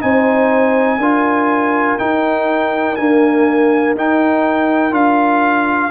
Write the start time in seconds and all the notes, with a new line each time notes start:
0.00 C4 D#4 C5 G#5
0.98 D4 F4 A#4
1.98 D#4 G5
2.95 A#3 D4 G#5
3.95 D#4 G5
4.91 D4 F4 F5